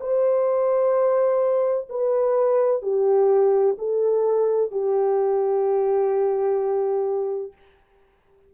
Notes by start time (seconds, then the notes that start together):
0.00 C5
1.89 B4
2.82 G4
3.78 A4
4.71 G4